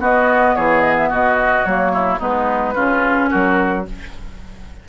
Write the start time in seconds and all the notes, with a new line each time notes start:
0.00 B3 F#4 D#5
0.55 E3 G#4 C#5
0.81 D#5
0.97 E5
1.09 B2 F#4 D#5
1.65 F#3 A#3 C#5
1.93 E4
2.19 G#3 B3 D#4 B4
2.75 C#3 C#4 F4
3.30 F#3 F#4 A#4